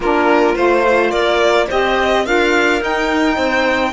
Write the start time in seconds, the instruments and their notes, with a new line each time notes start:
0.00 cello A#3, saxophone D4, clarinet F4, violin A#4
0.54 cello A3, saxophone F4, violin C5
1.10 cello A#3, clarinet A#4, violin D5
1.67 cello C4, saxophone G4, clarinet C5, violin D#5
2.25 cello D4, saxophone F4, clarinet A#4, violin F5
2.80 saxophone D#4, cello D#4, violin G5
3.36 cello C4, clarinet C5